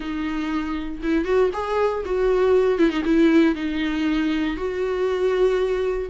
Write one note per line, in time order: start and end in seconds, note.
0.00 1.01 D#4
1.02 1.25 E4
1.25 1.50 F#4
1.53 2.04 G#4
2.05 2.78 F#4
2.78 2.90 E4
2.90 3.02 D#4
3.04 3.55 E4
3.55 4.56 D#4
4.56 6.09 F#4